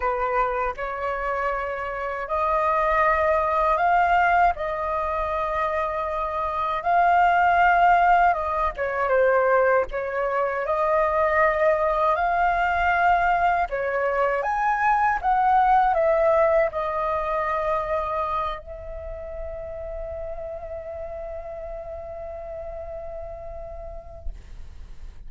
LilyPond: \new Staff \with { instrumentName = "flute" } { \time 4/4 \tempo 4 = 79 b'4 cis''2 dis''4~ | dis''4 f''4 dis''2~ | dis''4 f''2 dis''8 cis''8 | c''4 cis''4 dis''2 |
f''2 cis''4 gis''4 | fis''4 e''4 dis''2~ | dis''8 e''2.~ e''8~ | e''1 | }